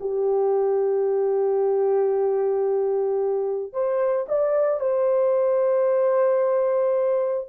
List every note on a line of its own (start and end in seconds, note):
0.00 3.73 G4
3.73 4.26 C5
4.28 4.80 D5
4.80 7.48 C5